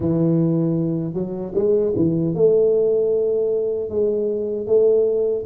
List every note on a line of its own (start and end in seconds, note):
0.00 1.13 E3
1.13 1.52 F#3
1.54 1.93 G#3
1.96 2.34 E3
2.34 3.89 A3
3.89 4.66 G#3
4.66 5.44 A3